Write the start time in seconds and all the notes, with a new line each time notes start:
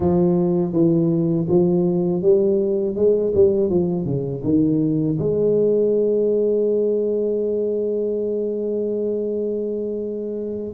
0.00 F3
0.72 E3
1.48 F3
2.22 G3
2.95 G#3
3.35 G3
3.69 F3
4.05 C#3
4.43 D#3
5.19 G#3